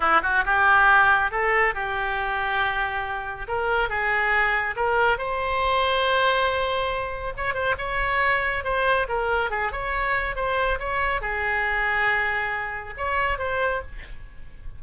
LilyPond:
\new Staff \with { instrumentName = "oboe" } { \time 4/4 \tempo 4 = 139 e'8 fis'8 g'2 a'4 | g'1 | ais'4 gis'2 ais'4 | c''1~ |
c''4 cis''8 c''8 cis''2 | c''4 ais'4 gis'8 cis''4. | c''4 cis''4 gis'2~ | gis'2 cis''4 c''4 | }